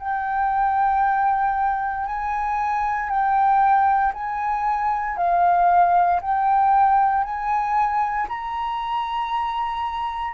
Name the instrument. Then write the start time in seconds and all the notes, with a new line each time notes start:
flute
0.00 G5
2.06 G#5
3.10 G5
4.14 G#5
5.17 F5
6.22 G5
7.25 G#5
8.29 A#5